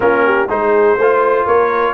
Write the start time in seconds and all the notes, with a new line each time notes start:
0.00 A#3 C#4 F4 A#4
0.24 G4
0.49 G#3 D#4 G#4 C5
0.97 A3 F4 C5
1.46 A#3 A#4 C#5